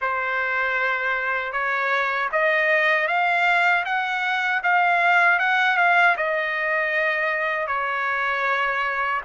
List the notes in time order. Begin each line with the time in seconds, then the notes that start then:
0.01 C5
1.52 C#5
2.31 D#5
3.07 F5
3.85 F#5
4.63 F5
5.39 F#5
5.77 F5
6.16 D#5
7.67 C#5